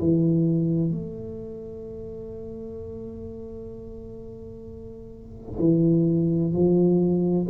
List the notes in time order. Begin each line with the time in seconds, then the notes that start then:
0.00 E3
0.91 A3
5.60 E3
6.53 F3